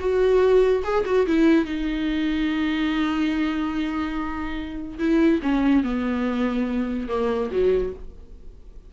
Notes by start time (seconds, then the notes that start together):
0.00 F#4
0.84 G#4
1.06 F#4
1.27 E4
1.66 D#4
4.99 E4
5.43 C#4
5.84 B3
7.09 A#3
7.52 F#3